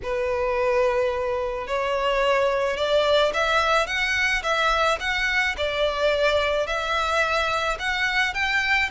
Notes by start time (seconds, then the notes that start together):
0.03 B4
1.67 C#5
2.77 D5
3.33 E5
3.86 F#5
4.42 E5
5.00 F#5
5.57 D5
6.66 E5
7.79 F#5
8.34 G5